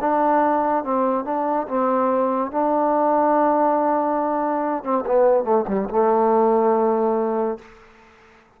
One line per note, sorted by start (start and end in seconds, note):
0.00 0.84 D4
0.84 1.24 C4
1.24 1.67 D4
1.68 2.51 C4
2.51 4.83 D4
4.83 5.04 C4
5.06 5.44 B3
5.44 5.65 A3
5.67 5.88 G3
5.89 7.58 A3